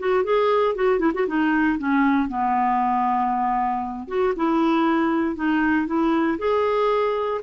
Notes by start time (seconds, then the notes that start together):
0.00 F#4
0.24 G#4
0.76 F#4
1.00 E4
1.14 F#4
1.28 D#4
1.79 C#4
2.29 B3
4.08 F#4
4.37 E4
5.36 D#4
5.87 E4
6.39 G#4